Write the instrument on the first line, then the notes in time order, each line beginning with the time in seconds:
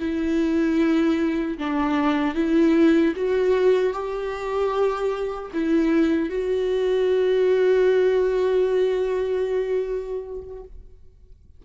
viola
0.00 E4
1.59 D4
2.35 E4
3.16 F#4
3.93 G4
5.54 E4
6.30 F#4